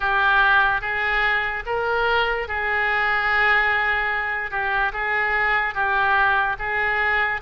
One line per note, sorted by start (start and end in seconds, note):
0.00 0.81 G4
0.81 1.63 G#4
1.66 2.48 A#4
2.48 4.51 G#4
4.51 4.92 G4
4.92 5.74 G#4
5.74 6.56 G4
6.58 7.40 G#4